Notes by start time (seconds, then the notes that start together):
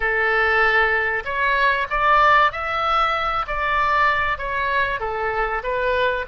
0.00 A4
1.24 C#5
1.89 D5
2.52 E5
3.47 D5
4.38 C#5
4.99 A4
5.63 B4